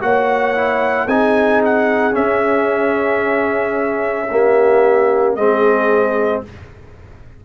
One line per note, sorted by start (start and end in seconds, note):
0.00 1.06 A#3
0.00 0.54 F#4
0.00 1.04 C#5
0.00 1.07 F#5
0.54 1.08 E4
1.04 2.14 C4
1.04 2.12 D#4
1.04 4.26 G#4
1.04 1.61 G#5
1.65 2.15 F#5
2.12 4.26 C#4
2.12 5.35 C#4
2.12 5.35 E5
4.31 5.37 A#3
4.31 5.36 G4
5.35 6.43 G#3
5.35 6.45 C4
5.35 6.43 G#4
5.35 6.42 D#5